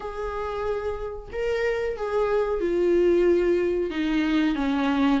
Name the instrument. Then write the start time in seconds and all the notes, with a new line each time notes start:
viola
0.00 G#4
1.32 A#4
1.96 G#4
2.60 F4
3.90 D#4
4.55 C#4